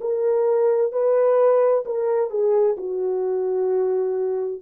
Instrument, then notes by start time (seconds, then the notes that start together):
horn
0.00 A#4
0.91 B4
1.85 A#4
2.30 G#4
2.77 F#4